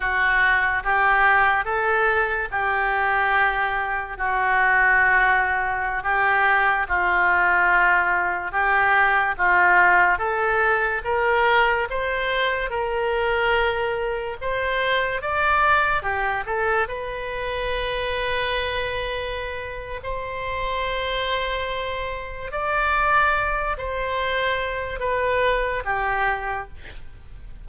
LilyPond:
\new Staff \with { instrumentName = "oboe" } { \time 4/4 \tempo 4 = 72 fis'4 g'4 a'4 g'4~ | g'4 fis'2~ fis'16 g'8.~ | g'16 f'2 g'4 f'8.~ | f'16 a'4 ais'4 c''4 ais'8.~ |
ais'4~ ais'16 c''4 d''4 g'8 a'16~ | a'16 b'2.~ b'8. | c''2. d''4~ | d''8 c''4. b'4 g'4 | }